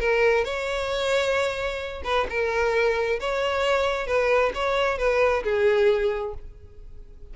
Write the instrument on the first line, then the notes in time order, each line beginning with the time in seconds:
violin
0.00 A#4
0.45 C#5
2.05 B4
2.30 A#4
3.20 C#5
4.07 B4
4.55 C#5
4.98 B4
5.44 G#4